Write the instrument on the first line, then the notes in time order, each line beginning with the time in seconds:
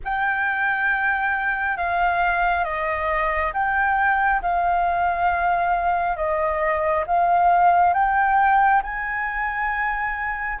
flute
0.04 G5
1.77 F5
2.64 D#5
3.53 G5
4.42 F5
6.16 D#5
7.06 F5
7.93 G5
8.82 G#5